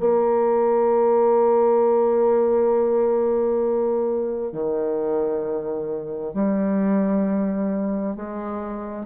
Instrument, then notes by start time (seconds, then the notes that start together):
bassoon
0.00 A#3
4.52 D#3
6.34 G3
8.16 G#3